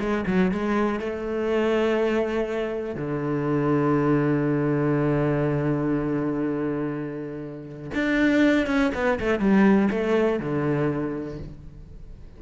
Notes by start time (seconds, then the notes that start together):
0.00 G#3
0.27 F#3
0.52 G#3
1.00 A3
2.95 D3
7.95 D4
8.67 C#4
8.95 B3
9.20 A3
9.40 G3
9.91 A3
10.40 D3